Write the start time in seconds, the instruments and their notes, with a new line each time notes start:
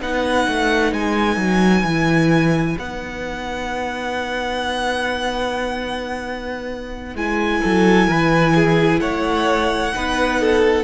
0.00 cello B3, viola D#4, violin B4 F#5
0.48 cello A3
0.93 cello G#3, violin G#5
1.37 cello F#3
1.83 cello E3, viola E4
2.78 cello B3, viola D#4, violin F#5
7.15 cello G#3, viola E4, violin G#5
7.62 cello F#3, violin A4
8.07 cello E3, violin B4
8.55 violin G#4
9.00 cello A3, violin C#5 F#5
9.94 cello B3, viola D#4, violin B4
10.41 violin A4